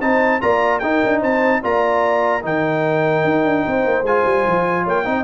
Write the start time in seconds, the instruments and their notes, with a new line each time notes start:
0.00 tuba C4, trombone D#4, horn C5, trumpet A5
0.40 tuba A#3, trombone F4, horn D5, trumpet A#5
0.79 tuba D#4, trombone D#4, horn A#4, trumpet G5
1.04 tuba D4
1.19 tuba C4, horn C5, trumpet A5
1.62 tuba A#3, trombone F4, horn D5, trumpet A#5
2.41 tuba D#3, trombone D#4, horn A#4, trumpet G5
3.24 tuba D#4
3.44 tuba D4
3.66 tuba C4, horn C5
3.85 tuba A#3
4.02 tuba G#3, trombone F4, trumpet G#5
4.25 tuba G3
4.46 tuba F3
4.83 tuba A#3, horn C#5, trumpet G5
5.04 tuba C4, trombone D#4, horn D#5